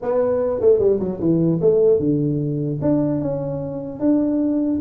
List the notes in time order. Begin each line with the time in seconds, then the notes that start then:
0.02 B3
0.60 A3
0.79 G3
0.99 F#3
1.19 E3
1.61 A3
1.99 D3
2.81 D4
3.21 C#4
3.99 D4